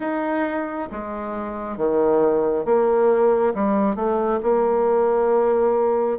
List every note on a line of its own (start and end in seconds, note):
0.00 0.88 D#4
0.91 1.77 G#3
1.77 2.65 D#3
2.65 3.53 A#3
3.54 3.95 G3
3.95 4.39 A3
4.42 6.18 A#3